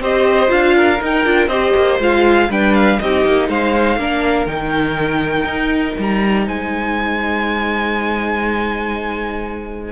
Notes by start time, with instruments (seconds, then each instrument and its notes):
0.00 cello C4, viola G4, violin C5 D#5
0.48 cello D4, viola F4, violin F5
0.76 violin A#4
1.01 viola D#4, cello D#4, violin G5
1.25 cello D4, viola F4
1.47 cello C4, viola G4, violin C5 D#5
1.76 cello A#3
1.99 cello G#3, viola F4, violin F5
2.49 cello G3, viola D4, violin B4 G5
2.74 violin F5
2.99 cello C4, viola D#4, violin G4 D#5
3.26 cello A#3
3.49 cello G#3, violin C5 F5
3.97 cello A#3, viola D4, violin A#4
4.47 cello D#3, viola D#4, violin G5
5.44 cello D#4
5.98 cello G3, violin A#5
6.46 cello G#3, violin C5 G#5